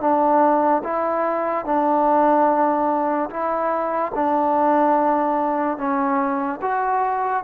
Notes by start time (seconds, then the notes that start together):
0.00 D4
0.84 E4
1.65 D4
3.30 E4
4.15 D4
5.77 C#4
6.61 F#4